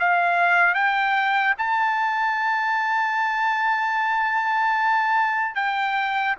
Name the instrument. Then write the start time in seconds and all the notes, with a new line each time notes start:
trumpet
0.00 F5
0.75 G5
1.58 A5
5.56 G5